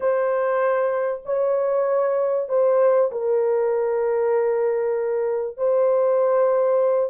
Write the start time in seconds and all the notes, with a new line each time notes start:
0.00 C5
1.25 C#5
2.49 C5
3.11 A#4
5.57 C5